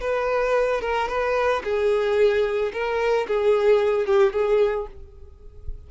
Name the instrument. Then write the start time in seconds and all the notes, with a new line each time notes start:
violin
0.00 B4
0.81 A#4
1.08 B4
1.64 G#4
2.72 A#4
3.27 G#4
4.06 G4
4.33 G#4